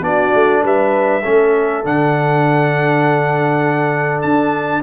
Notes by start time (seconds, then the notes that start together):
0.00 B3 D4 F#4 D5
0.34 A3
0.63 G3 B4 E5
1.22 A3 C#4 A4
1.84 D3 D4 F#5
4.22 D4 A5